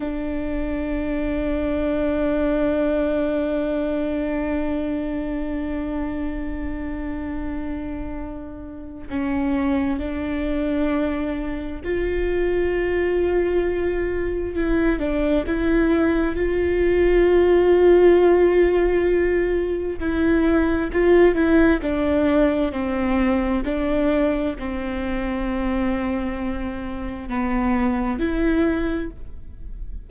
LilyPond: \new Staff \with { instrumentName = "viola" } { \time 4/4 \tempo 4 = 66 d'1~ | d'1~ | d'2 cis'4 d'4~ | d'4 f'2. |
e'8 d'8 e'4 f'2~ | f'2 e'4 f'8 e'8 | d'4 c'4 d'4 c'4~ | c'2 b4 e'4 | }